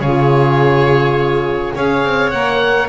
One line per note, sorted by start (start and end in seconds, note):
0.00 1.73 C#3
0.00 1.76 F4
0.00 1.73 G#4
0.00 1.73 C#5
1.75 2.04 C#4
1.75 2.33 G#4
1.75 2.89 C#5
1.75 2.30 F5
2.04 2.32 C4
2.30 2.89 A#3
2.30 2.89 A#4
2.30 2.88 F#5